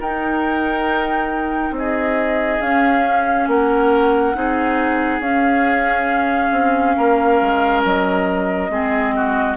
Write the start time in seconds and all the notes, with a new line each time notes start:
0.00 D#4 A#4 G5
1.71 C4 D#5
1.78 G#4
2.61 C#4 F5
3.48 A#3 A#4 F#5
4.34 C4 D#4 G#4
5.20 C#4 F5
6.52 C4
6.97 A#3 A#4
7.41 G#3
7.84 F#3 D#5
8.70 G#3 C4 G#4
9.16 F#4